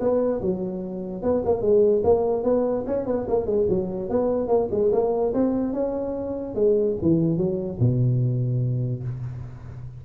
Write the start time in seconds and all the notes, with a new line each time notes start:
0.00 B3
0.41 F#3
1.22 B3
1.45 A#3
1.61 G#3
2.04 A#3
2.43 B3
2.87 C#4
3.06 B3
3.28 A#3
3.46 G#3
3.69 F#3
4.09 B3
4.48 A#3
4.71 G#3
4.92 A#3
5.34 C4
5.73 C#4
6.55 G#3
7.02 E3
7.37 F#3
7.80 B2